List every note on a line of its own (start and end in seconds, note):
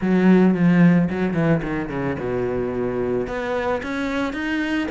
0.01 0.54 F#3
0.54 1.08 F3
1.10 1.34 F#3
1.34 1.61 E3
1.62 1.89 D#3
1.89 2.16 C#3
2.19 3.27 B2
3.27 3.81 B3
3.82 4.33 C#4
4.33 4.87 D#4